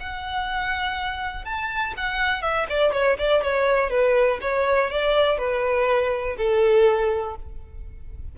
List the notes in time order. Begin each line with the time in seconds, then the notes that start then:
0.00 F#5
1.45 A5
1.97 F#5
2.42 E5
2.69 D5
2.92 C#5
3.18 D5
3.43 C#5
3.90 B4
4.41 C#5
4.90 D5
5.38 B4
6.37 A4